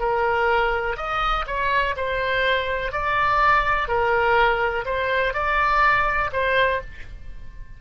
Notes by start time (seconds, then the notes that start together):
0.00 A#4
0.97 D#5
1.47 C#5
1.97 C5
2.93 D5
3.88 A#4
4.86 C5
5.34 D5
6.33 C5